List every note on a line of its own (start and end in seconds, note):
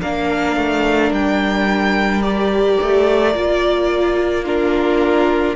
0.00 0.56 A#3
0.00 2.23 D4
0.00 4.44 A#4
0.00 1.13 F5
0.56 1.12 A3
1.12 2.78 G3
1.12 2.23 G5
2.23 3.34 G4
2.23 4.45 D5
2.82 3.36 A3
3.35 5.56 A#3
3.35 4.46 F4
4.44 5.56 D4
4.44 5.55 F4
4.44 5.56 A#4